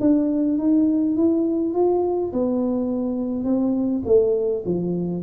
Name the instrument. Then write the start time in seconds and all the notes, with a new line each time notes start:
tuba
0.00 D4
0.58 D#4
1.16 E4
1.74 F4
2.32 B3
3.44 C4
4.06 A3
4.65 F3